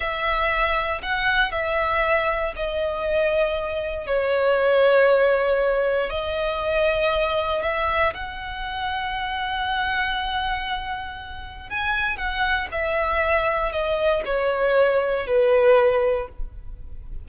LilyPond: \new Staff \with { instrumentName = "violin" } { \time 4/4 \tempo 4 = 118 e''2 fis''4 e''4~ | e''4 dis''2. | cis''1 | dis''2. e''4 |
fis''1~ | fis''2. gis''4 | fis''4 e''2 dis''4 | cis''2 b'2 | }